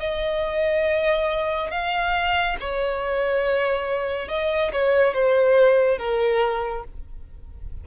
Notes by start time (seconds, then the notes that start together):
0.00 D#5
1.71 F5
2.60 C#5
4.29 D#5
4.73 C#5
5.14 C5
5.98 A#4